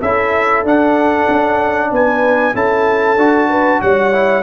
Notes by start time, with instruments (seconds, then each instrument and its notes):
0.00 tuba C#4, trombone E4, horn A4, trumpet E5
0.64 tuba D4, trombone D4, trumpet F#5
1.29 tuba C#4
1.92 tuba B3, horn B4, trumpet G#5
2.54 tuba C#4, trombone E4, horn A4, trumpet A5
3.17 tuba D4, trombone F#4
3.49 horn B4
3.82 tuba G3, horn C#5, trumpet F#5
4.13 trombone E4